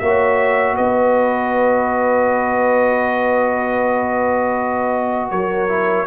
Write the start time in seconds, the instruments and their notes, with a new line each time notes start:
0.00 tuba A#3, trombone F#4, horn C#5, trumpet E5
0.75 tuba B3, horn B4, trumpet D#5
5.31 tuba F#3, horn A#4, trumpet C#5
5.69 trombone E4